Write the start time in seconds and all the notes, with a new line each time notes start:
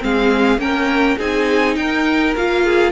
0.00 G#3 C4 G#4 F5
0.58 A#3 C#4 A#4 G5
1.18 C4 D#4 G#4 G#5
1.76 D#4 A#4 G5
2.37 A#3 F4 F5
2.64 G#4